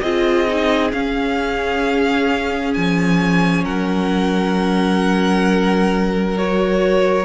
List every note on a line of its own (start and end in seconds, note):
0.00 0.93 C4
0.00 0.47 F4
0.00 3.64 G#4
0.00 0.91 D#5
0.47 0.91 D#4
0.91 6.36 C#4
0.91 2.75 C#4
0.91 2.73 F5
2.73 3.65 F3
2.73 3.64 G#5
3.64 7.25 F#3
3.64 7.25 A#4
3.64 6.37 F#5
6.37 7.25 F#4
6.37 7.25 C#5